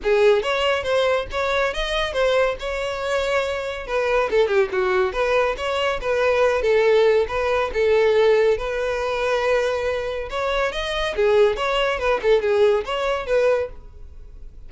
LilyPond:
\new Staff \with { instrumentName = "violin" } { \time 4/4 \tempo 4 = 140 gis'4 cis''4 c''4 cis''4 | dis''4 c''4 cis''2~ | cis''4 b'4 a'8 g'8 fis'4 | b'4 cis''4 b'4. a'8~ |
a'4 b'4 a'2 | b'1 | cis''4 dis''4 gis'4 cis''4 | b'8 a'8 gis'4 cis''4 b'4 | }